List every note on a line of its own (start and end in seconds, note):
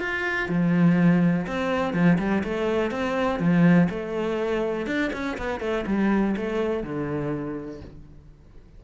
0.00 0.49 F4
0.49 1.46 F3
1.47 1.94 C4
1.94 2.18 F3
2.19 2.43 G3
2.44 2.91 A3
2.91 3.40 C4
3.40 3.88 F3
3.90 4.87 A3
4.87 5.11 D4
5.13 5.37 C#4
5.38 5.60 B3
5.60 5.85 A3
5.87 6.35 G3
6.37 6.83 A3
6.83 7.81 D3